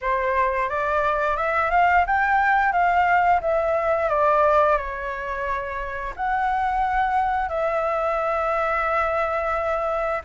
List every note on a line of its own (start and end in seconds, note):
0.01 0.68 C5
0.68 1.36 D5
1.36 1.70 E5
1.70 2.05 F5
2.06 2.72 G5
2.72 3.40 F5
3.41 4.09 E5
4.09 4.77 D5
4.77 6.13 C#5
6.15 7.48 F#5
7.48 10.21 E5